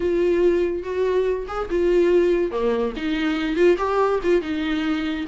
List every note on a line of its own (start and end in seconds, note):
0.00 0.83 F4
0.83 1.46 F#4
1.47 1.68 G#4
1.69 2.51 F4
2.51 2.93 A#3
2.96 3.55 D#4
3.55 3.76 F4
3.77 4.19 G4
4.23 4.41 F4
4.41 5.25 D#4